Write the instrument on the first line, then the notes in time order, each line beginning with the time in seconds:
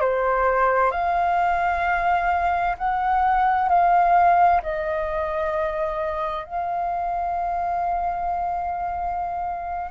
flute
0.00 C5
0.91 F5
2.78 F#5
3.68 F5
4.62 D#5
6.44 F5